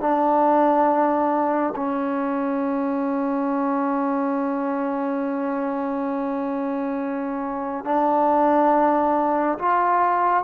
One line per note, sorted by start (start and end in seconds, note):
0.00 1.74 D4
1.76 7.85 C#4
7.85 9.58 D4
9.59 10.44 F4